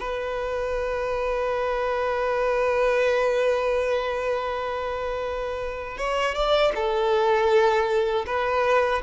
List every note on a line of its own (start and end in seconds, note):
0.00 5.98 B4
5.98 6.35 C#5
6.35 6.72 D5
6.75 8.25 A4
8.26 9.01 B4